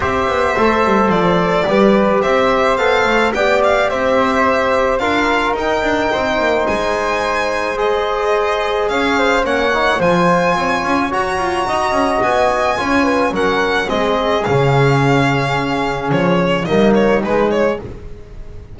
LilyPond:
<<
  \new Staff \with { instrumentName = "violin" } { \time 4/4 \tempo 4 = 108 e''2 d''2 | e''4 f''4 g''8 f''8 e''4~ | e''4 f''4 g''2 | gis''2 dis''2 |
f''4 fis''4 gis''2 | ais''2 gis''2 | fis''4 dis''4 f''2~ | f''4 cis''4 dis''8 cis''8 b'8 cis''8 | }
  \new Staff \with { instrumentName = "flute" } { \time 4/4 c''2. b'4 | c''2 d''4 c''4~ | c''4 ais'2 c''4~ | c''1 |
cis''8 c''8 cis''4 c''4 cis''4~ | cis''4 dis''2 cis''8 b'8 | ais'4 gis'2.~ | gis'2 dis'2 | }
  \new Staff \with { instrumentName = "trombone" } { \time 4/4 g'4 a'2 g'4~ | g'4 a'4 g'2~ | g'4 f'4 dis'2~ | dis'2 gis'2~ |
gis'4 cis'8 dis'8 f'2 | fis'2. f'4 | cis'4 c'4 cis'2~ | cis'2 ais4 gis4 | }
  \new Staff \with { instrumentName = "double bass" } { \time 4/4 c'8 b8 a8 g8 f4 g4 | c'4 b8 a8 b4 c'4~ | c'4 d'4 dis'8 d'8 c'8 ais8 | gis1 |
cis'4 ais4 f4 c'8 cis'8 | fis'8 f'8 dis'8 cis'8 b4 cis'4 | fis4 gis4 cis2~ | cis4 f4 g4 gis4 | }
>>